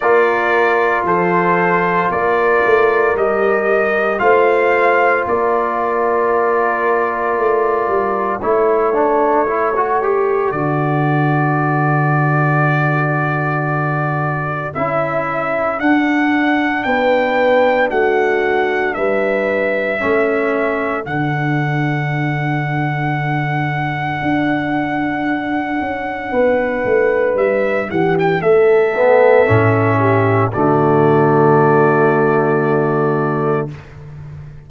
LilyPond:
<<
  \new Staff \with { instrumentName = "trumpet" } { \time 4/4 \tempo 4 = 57 d''4 c''4 d''4 dis''4 | f''4 d''2. | cis''2 d''2~ | d''2 e''4 fis''4 |
g''4 fis''4 e''2 | fis''1~ | fis''2 e''8 fis''16 g''16 e''4~ | e''4 d''2. | }
  \new Staff \with { instrumentName = "horn" } { \time 4/4 ais'4 a'4 ais'2 | c''4 ais'2. | a'1~ | a'1 |
b'4 fis'4 b'4 a'4~ | a'1~ | a'4 b'4. g'8 a'4~ | a'8 g'8 fis'2. | }
  \new Staff \with { instrumentName = "trombone" } { \time 4/4 f'2. g'4 | f'1 | e'8 d'8 e'16 fis'16 g'8 fis'2~ | fis'2 e'4 d'4~ |
d'2. cis'4 | d'1~ | d'2.~ d'8 b8 | cis'4 a2. | }
  \new Staff \with { instrumentName = "tuba" } { \time 4/4 ais4 f4 ais8 a8 g4 | a4 ais2 a8 g8 | a2 d2~ | d2 cis'4 d'4 |
b4 a4 g4 a4 | d2. d'4~ | d'8 cis'8 b8 a8 g8 e8 a4 | a,4 d2. | }
>>